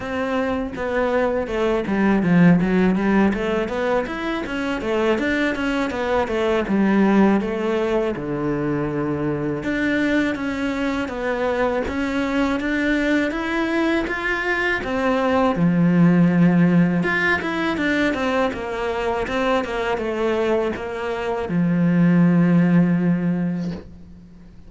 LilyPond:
\new Staff \with { instrumentName = "cello" } { \time 4/4 \tempo 4 = 81 c'4 b4 a8 g8 f8 fis8 | g8 a8 b8 e'8 cis'8 a8 d'8 cis'8 | b8 a8 g4 a4 d4~ | d4 d'4 cis'4 b4 |
cis'4 d'4 e'4 f'4 | c'4 f2 f'8 e'8 | d'8 c'8 ais4 c'8 ais8 a4 | ais4 f2. | }